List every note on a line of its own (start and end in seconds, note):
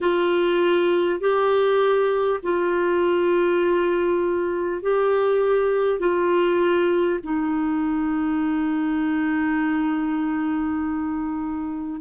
0.01 1.20 F4
1.20 2.40 G4
2.43 4.82 F4
4.82 5.99 G4
5.99 7.19 F4
7.23 12.01 D#4